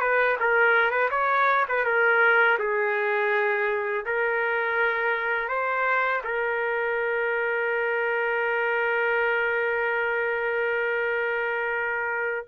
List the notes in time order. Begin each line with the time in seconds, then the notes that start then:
0.00 B4
0.40 A#4
0.90 B4
1.10 C#5
1.68 B4
1.84 A#4
2.58 G#4
4.05 A#4
5.48 C5
6.24 A#4